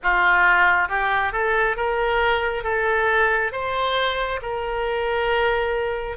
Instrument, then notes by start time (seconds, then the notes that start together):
oboe
0.02 F4
0.88 G4
1.32 A4
1.76 A#4
2.63 A4
3.51 C5
4.42 A#4